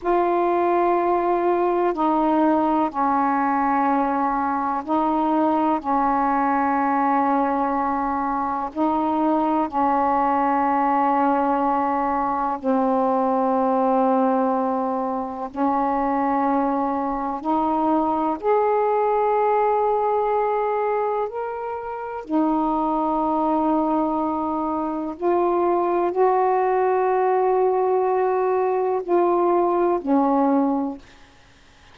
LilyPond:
\new Staff \with { instrumentName = "saxophone" } { \time 4/4 \tempo 4 = 62 f'2 dis'4 cis'4~ | cis'4 dis'4 cis'2~ | cis'4 dis'4 cis'2~ | cis'4 c'2. |
cis'2 dis'4 gis'4~ | gis'2 ais'4 dis'4~ | dis'2 f'4 fis'4~ | fis'2 f'4 cis'4 | }